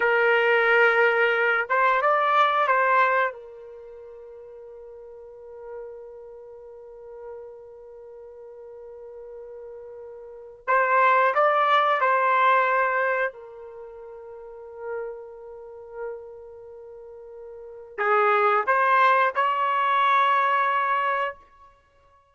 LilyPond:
\new Staff \with { instrumentName = "trumpet" } { \time 4/4 \tempo 4 = 90 ais'2~ ais'8 c''8 d''4 | c''4 ais'2.~ | ais'1~ | ais'1 |
c''4 d''4 c''2 | ais'1~ | ais'2. gis'4 | c''4 cis''2. | }